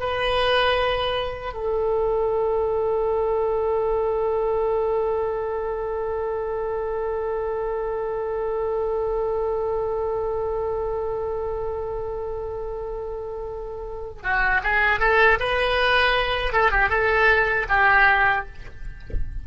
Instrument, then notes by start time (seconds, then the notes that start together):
oboe
0.00 B4
1.54 A4
14.23 F#4
14.64 G#4
15.00 A4
15.40 B4
16.53 A4
16.71 G4
16.90 A4
17.69 G4